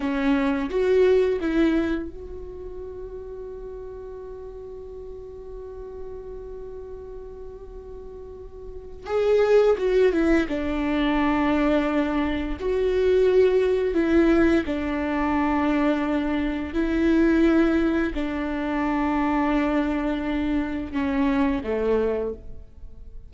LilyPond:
\new Staff \with { instrumentName = "viola" } { \time 4/4 \tempo 4 = 86 cis'4 fis'4 e'4 fis'4~ | fis'1~ | fis'1~ | fis'4 gis'4 fis'8 e'8 d'4~ |
d'2 fis'2 | e'4 d'2. | e'2 d'2~ | d'2 cis'4 a4 | }